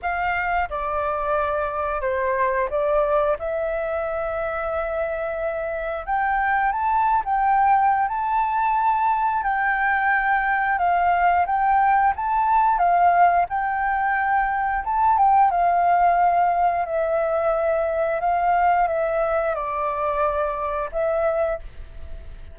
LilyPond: \new Staff \with { instrumentName = "flute" } { \time 4/4 \tempo 4 = 89 f''4 d''2 c''4 | d''4 e''2.~ | e''4 g''4 a''8. g''4~ g''16 | a''2 g''2 |
f''4 g''4 a''4 f''4 | g''2 a''8 g''8 f''4~ | f''4 e''2 f''4 | e''4 d''2 e''4 | }